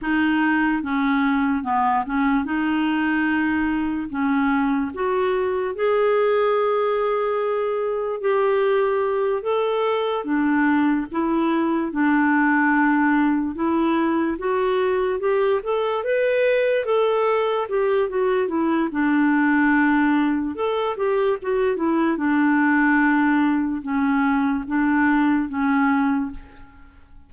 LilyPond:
\new Staff \with { instrumentName = "clarinet" } { \time 4/4 \tempo 4 = 73 dis'4 cis'4 b8 cis'8 dis'4~ | dis'4 cis'4 fis'4 gis'4~ | gis'2 g'4. a'8~ | a'8 d'4 e'4 d'4.~ |
d'8 e'4 fis'4 g'8 a'8 b'8~ | b'8 a'4 g'8 fis'8 e'8 d'4~ | d'4 a'8 g'8 fis'8 e'8 d'4~ | d'4 cis'4 d'4 cis'4 | }